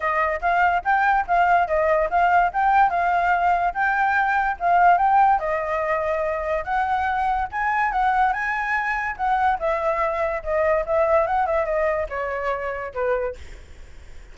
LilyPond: \new Staff \with { instrumentName = "flute" } { \time 4/4 \tempo 4 = 144 dis''4 f''4 g''4 f''4 | dis''4 f''4 g''4 f''4~ | f''4 g''2 f''4 | g''4 dis''2. |
fis''2 gis''4 fis''4 | gis''2 fis''4 e''4~ | e''4 dis''4 e''4 fis''8 e''8 | dis''4 cis''2 b'4 | }